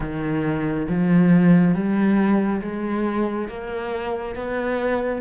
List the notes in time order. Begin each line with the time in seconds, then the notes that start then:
0.00 D#3
0.88 F3
1.74 G3
2.61 G#3
3.48 A#3
4.35 B3